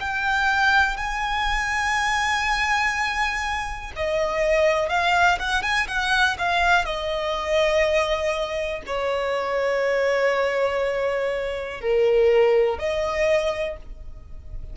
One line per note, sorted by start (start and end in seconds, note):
0.00 0.97 G5
0.97 3.92 G#5
3.96 4.89 D#5
4.89 5.38 F5
5.39 5.62 F#5
5.62 5.87 G#5
5.87 6.37 F#5
6.38 6.85 F5
6.85 8.82 D#5
8.86 11.81 C#5
11.81 12.78 A#4
12.78 13.77 D#5